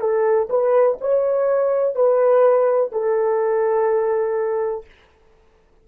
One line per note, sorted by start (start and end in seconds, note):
0.00 0.48 A4
0.50 0.98 B4
1.01 1.95 C#5
1.95 2.92 B4
2.92 4.85 A4